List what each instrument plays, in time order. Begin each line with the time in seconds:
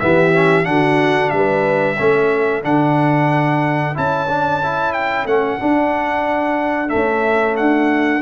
0.00 tuba E3, trombone B3, horn G4, trumpet E5
0.34 trombone C#4
0.65 tuba D3, trombone D4, horn F#4, trumpet F#5
1.30 tuba G3, horn B4, trumpet E5
1.99 tuba A3, trombone C#4, horn A4
2.63 tuba D3, trombone D4, trumpet F#5
3.95 tuba C#4, trombone E4, trumpet A5
4.30 trombone D4
4.64 trombone E4
4.93 trumpet G5
5.26 tuba A3, trombone C#4, trumpet F#5
5.60 trombone D4, tuba D4
6.89 trombone A3, trumpet E5
6.95 tuba C#4
7.57 tuba D4, trumpet F#5